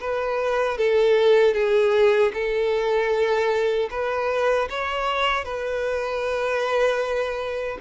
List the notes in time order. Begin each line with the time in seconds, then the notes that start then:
0.00 B4
0.77 A4
1.54 G#4
2.33 A4
3.90 B4
4.69 C#5
5.44 B4